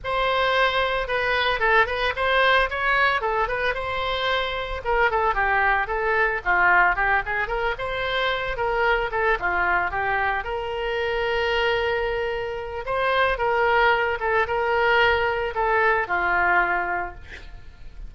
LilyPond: \new Staff \with { instrumentName = "oboe" } { \time 4/4 \tempo 4 = 112 c''2 b'4 a'8 b'8 | c''4 cis''4 a'8 b'8 c''4~ | c''4 ais'8 a'8 g'4 a'4 | f'4 g'8 gis'8 ais'8 c''4. |
ais'4 a'8 f'4 g'4 ais'8~ | ais'1 | c''4 ais'4. a'8 ais'4~ | ais'4 a'4 f'2 | }